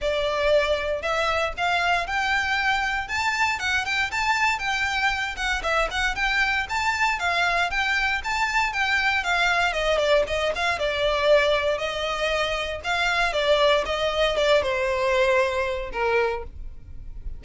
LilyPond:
\new Staff \with { instrumentName = "violin" } { \time 4/4 \tempo 4 = 117 d''2 e''4 f''4 | g''2 a''4 fis''8 g''8 | a''4 g''4. fis''8 e''8 fis''8 | g''4 a''4 f''4 g''4 |
a''4 g''4 f''4 dis''8 d''8 | dis''8 f''8 d''2 dis''4~ | dis''4 f''4 d''4 dis''4 | d''8 c''2~ c''8 ais'4 | }